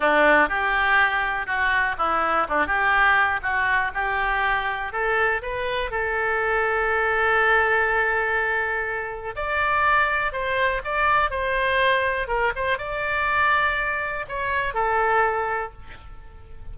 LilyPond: \new Staff \with { instrumentName = "oboe" } { \time 4/4 \tempo 4 = 122 d'4 g'2 fis'4 | e'4 d'8 g'4. fis'4 | g'2 a'4 b'4 | a'1~ |
a'2. d''4~ | d''4 c''4 d''4 c''4~ | c''4 ais'8 c''8 d''2~ | d''4 cis''4 a'2 | }